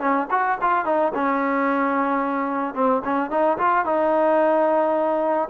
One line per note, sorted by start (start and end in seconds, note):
0.00 0.27 C#4
0.30 0.58 F#4
0.61 0.85 F4
0.85 1.12 D#4
1.14 2.74 C#4
2.74 3.02 C4
3.04 3.30 C#4
3.30 3.58 D#4
3.58 3.85 F4
3.85 5.49 D#4